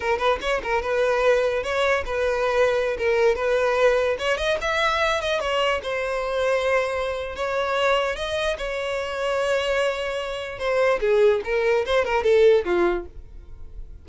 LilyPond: \new Staff \with { instrumentName = "violin" } { \time 4/4 \tempo 4 = 147 ais'8 b'8 cis''8 ais'8 b'2 | cis''4 b'2~ b'16 ais'8.~ | ais'16 b'2 cis''8 dis''8 e''8.~ | e''8. dis''8 cis''4 c''4.~ c''16~ |
c''2 cis''2 | dis''4 cis''2.~ | cis''2 c''4 gis'4 | ais'4 c''8 ais'8 a'4 f'4 | }